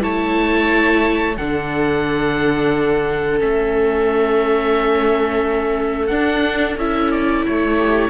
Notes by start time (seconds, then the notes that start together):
0.00 A3 E4 C#5 A5
1.37 D3 D4 A4 F#5
3.39 A3 C#4 E5
6.07 D4 F#5
6.77 C#4 E4 E5
7.11 D5
7.46 A3 C#5
7.78 G4